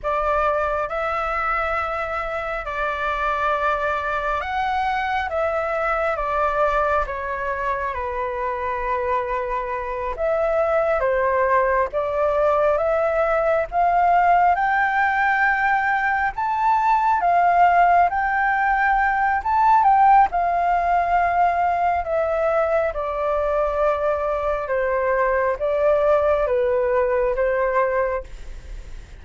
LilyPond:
\new Staff \with { instrumentName = "flute" } { \time 4/4 \tempo 4 = 68 d''4 e''2 d''4~ | d''4 fis''4 e''4 d''4 | cis''4 b'2~ b'8 e''8~ | e''8 c''4 d''4 e''4 f''8~ |
f''8 g''2 a''4 f''8~ | f''8 g''4. a''8 g''8 f''4~ | f''4 e''4 d''2 | c''4 d''4 b'4 c''4 | }